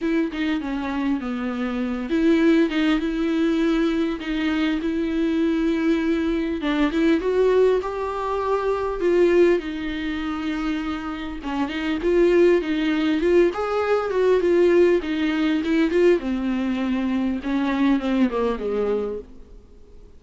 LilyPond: \new Staff \with { instrumentName = "viola" } { \time 4/4 \tempo 4 = 100 e'8 dis'8 cis'4 b4. e'8~ | e'8 dis'8 e'2 dis'4 | e'2. d'8 e'8 | fis'4 g'2 f'4 |
dis'2. cis'8 dis'8 | f'4 dis'4 f'8 gis'4 fis'8 | f'4 dis'4 e'8 f'8 c'4~ | c'4 cis'4 c'8 ais8 gis4 | }